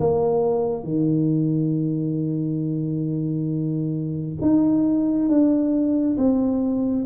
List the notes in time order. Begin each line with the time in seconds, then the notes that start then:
0.00 A#3
0.83 D#3
4.41 D#4
5.29 D4
6.17 C4